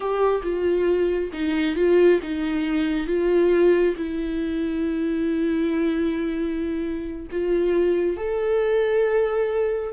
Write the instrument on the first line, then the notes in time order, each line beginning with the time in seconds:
viola
0.00 G4
0.42 F4
1.32 D#4
1.75 F4
2.22 D#4
3.06 F4
3.96 E4
7.31 F4
8.16 A4